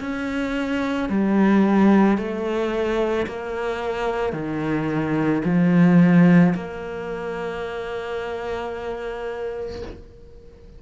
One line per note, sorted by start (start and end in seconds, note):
0.00 1.09 C#4
1.09 2.18 G3
2.18 3.27 A3
3.27 4.33 A#3
4.33 5.42 D#3
5.45 6.54 F3
6.55 9.82 A#3